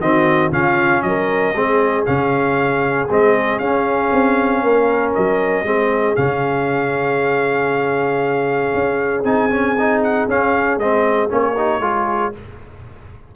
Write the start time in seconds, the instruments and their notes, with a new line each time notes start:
0.00 tuba D#3, trombone C4, horn F#4, trumpet D#5
0.51 tuba C#3, trombone C#4, horn F4, trumpet F5
1.02 tuba F#3, horn A#4, trumpet D#5
1.54 tuba G#3, trombone C4, horn G#4
2.06 tuba C#3, trombone C#4, trumpet F5
3.10 tuba G#3, trombone C4, trumpet D#5
3.59 tuba C#4, trombone C#4, trumpet F5
4.12 tuba C4
4.63 tuba A#3, horn A#4
5.14 tuba F#3, trumpet D#5
5.63 tuba G#3, trombone C4, horn G#4
6.16 tuba C#3, trombone C#4, trumpet F5
8.74 tuba C#4
9.24 tuba C4, trombone D#4, trumpet G#5
9.50 trombone C#4
9.79 trombone D#4
10.03 trumpet F#5
10.28 tuba C#4, trombone C#4, trumpet F5
10.77 tuba G#3, trombone C4, trumpet D#5
11.29 tuba A#3, trombone C#4, trumpet C#5
11.55 trombone D#4, horn G4
11.80 tuba G#3, trombone F4, horn G#4